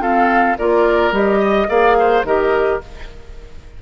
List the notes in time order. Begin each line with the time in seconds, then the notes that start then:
0.00 C4 F4 A4 F5
0.58 A#3 F4 A#4 D5
1.12 G3 G4 D#5
1.40 D#5
1.69 A#3 G#4 D5 F5
2.00 C5
2.24 D#3 G4 A#4 D#5